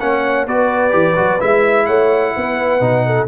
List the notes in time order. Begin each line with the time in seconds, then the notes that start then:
0.00 A#3 C#4 C#5 F#5
0.46 B3 F#4 B4 D5
0.91 E3 G4
1.16 F#3 F#4
1.40 G#3 E4 E5
1.86 A3 C#5 F#5
2.37 B3 B4
2.80 B2 D#4
3.06 A4